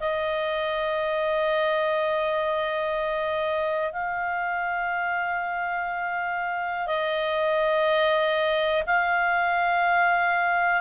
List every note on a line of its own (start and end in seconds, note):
0.00 3.92 D#5
3.92 6.86 F5
6.86 8.83 D#5
8.86 10.81 F5